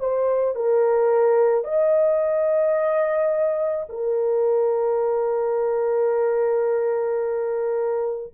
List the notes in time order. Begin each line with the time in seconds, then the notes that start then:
0.00 C5
0.56 A#4
1.64 D#5
3.89 A#4